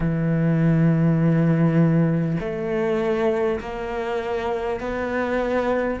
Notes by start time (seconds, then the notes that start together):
0.00 E3
2.39 A3
3.60 A#3
4.79 B3